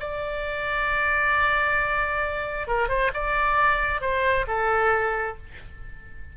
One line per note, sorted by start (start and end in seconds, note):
0.00 2.68 D5
2.68 2.89 A#4
2.89 3.11 C5
3.14 4.01 D5
4.01 4.46 C5
4.47 5.37 A4